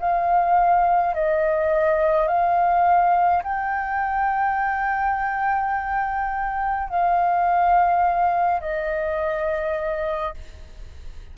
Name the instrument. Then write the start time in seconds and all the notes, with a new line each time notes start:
flute
0.00 F5
1.14 D#5
2.28 F5
3.44 G5
6.90 F5
8.61 D#5